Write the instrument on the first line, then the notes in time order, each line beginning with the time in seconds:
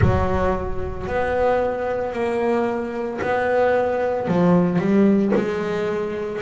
double bass
0.01 F#3
1.07 B3
2.12 A#3
3.21 B3
4.27 F3
4.79 G3
5.35 G#3